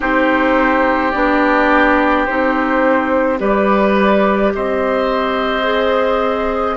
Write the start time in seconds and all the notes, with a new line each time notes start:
0.00 C4 D#4 G4 C5
1.11 B3 D4 D5
2.25 C4 D#4 C5
3.38 G3 G4 B4 D5
4.54 C4 C5 D#5
5.63 G#4